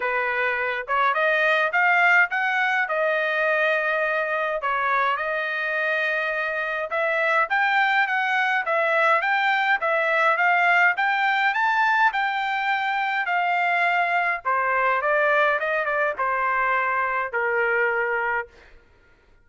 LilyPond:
\new Staff \with { instrumentName = "trumpet" } { \time 4/4 \tempo 4 = 104 b'4. cis''8 dis''4 f''4 | fis''4 dis''2. | cis''4 dis''2. | e''4 g''4 fis''4 e''4 |
g''4 e''4 f''4 g''4 | a''4 g''2 f''4~ | f''4 c''4 d''4 dis''8 d''8 | c''2 ais'2 | }